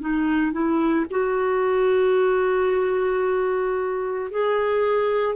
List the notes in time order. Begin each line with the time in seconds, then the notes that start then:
0.00 D#4
0.52 E4
1.10 F#4
4.31 G#4